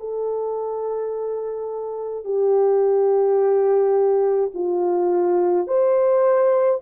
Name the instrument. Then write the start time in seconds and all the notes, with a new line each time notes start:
horn
0.00 A4
2.25 G4
4.54 F4
5.68 C5